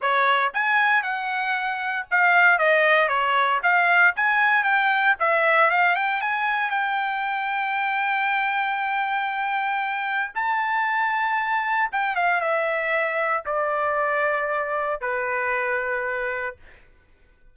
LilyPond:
\new Staff \with { instrumentName = "trumpet" } { \time 4/4 \tempo 4 = 116 cis''4 gis''4 fis''2 | f''4 dis''4 cis''4 f''4 | gis''4 g''4 e''4 f''8 g''8 | gis''4 g''2.~ |
g''1 | a''2. g''8 f''8 | e''2 d''2~ | d''4 b'2. | }